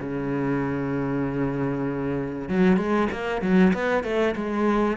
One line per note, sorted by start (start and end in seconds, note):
0.00 2.49 C#3
2.49 2.77 F#3
2.77 3.08 G#3
3.12 3.42 A#3
3.42 3.73 F#3
3.74 4.04 B3
4.04 4.35 A3
4.36 4.97 G#3